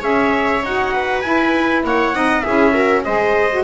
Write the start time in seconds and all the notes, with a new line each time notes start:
0.00 C#4 G#4 C#5 E5
0.63 D#4 F#4 F#5
0.93 B4
1.21 E4 G#5
1.84 A#3 C#5 F#5
2.14 C4 D#4 D#5
2.41 C#4 E4 G#4 E5
2.73 F#4 A#4
3.04 G#3 G#4 C5 D#5
3.52 F#4